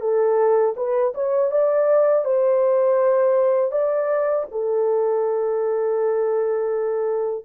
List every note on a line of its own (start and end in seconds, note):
0.00 0.74 A4
0.76 1.13 B4
1.14 1.51 C#5
1.51 2.25 D5
2.25 3.71 C5
3.71 4.45 D5
4.51 7.45 A4